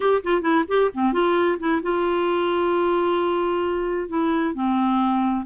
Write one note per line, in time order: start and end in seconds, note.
0.00 0.21 G4
0.23 0.41 F4
0.41 0.64 E4
0.67 0.90 G4
0.94 1.12 C4
1.12 1.58 F4
1.59 1.81 E4
1.82 4.08 F4
4.08 4.54 E4
4.54 5.45 C4